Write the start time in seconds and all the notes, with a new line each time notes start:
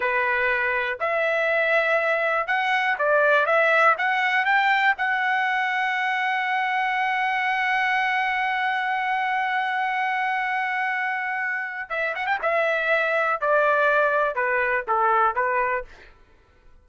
0.00 B4
1.00 E5
2.47 F#5
2.98 D5
3.46 E5
3.97 F#5
4.45 G5
4.97 F#5
11.89 E5
12.15 F#5
12.26 G5
12.41 E5
13.40 D5
14.35 B4
14.87 A4
15.35 B4